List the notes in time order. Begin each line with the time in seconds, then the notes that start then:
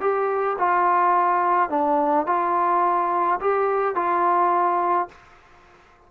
0.00 G4
0.58 F4
1.69 D4
2.26 F4
3.40 G4
3.95 F4